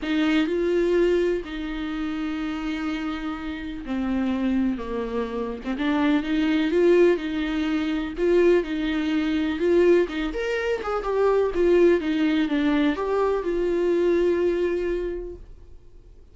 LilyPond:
\new Staff \with { instrumentName = "viola" } { \time 4/4 \tempo 4 = 125 dis'4 f'2 dis'4~ | dis'1 | c'2 ais4.~ ais16 c'16 | d'4 dis'4 f'4 dis'4~ |
dis'4 f'4 dis'2 | f'4 dis'8 ais'4 gis'8 g'4 | f'4 dis'4 d'4 g'4 | f'1 | }